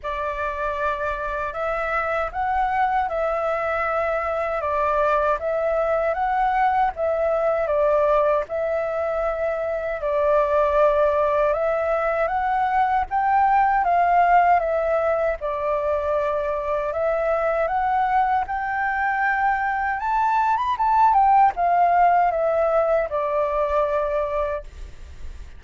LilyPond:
\new Staff \with { instrumentName = "flute" } { \time 4/4 \tempo 4 = 78 d''2 e''4 fis''4 | e''2 d''4 e''4 | fis''4 e''4 d''4 e''4~ | e''4 d''2 e''4 |
fis''4 g''4 f''4 e''4 | d''2 e''4 fis''4 | g''2 a''8. b''16 a''8 g''8 | f''4 e''4 d''2 | }